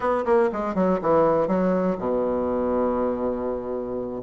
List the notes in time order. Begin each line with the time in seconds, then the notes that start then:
0.00 B3
0.25 A#3
0.52 G#3
0.74 F#3
1.01 E3
1.47 F#3
1.98 B2